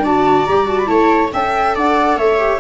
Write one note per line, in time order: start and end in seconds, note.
0.00 0.43 D4
0.00 0.48 F#4
0.00 0.89 D5
0.00 0.46 A5
0.46 0.89 G3
0.46 0.66 G4
0.46 0.67 A#5
0.66 0.86 F#4
0.66 0.78 A5
0.78 0.87 B5
0.86 1.32 A3
0.86 1.29 E4
0.86 1.33 C#5
0.86 1.30 A5
1.33 1.76 C#4
1.33 2.38 A4
1.33 1.75 E5
1.33 1.76 G5
1.75 2.16 D4
1.75 2.17 D5
1.75 2.18 F#5
2.16 2.59 A3
2.16 2.60 C#5
2.16 2.60 E5
2.38 2.60 G4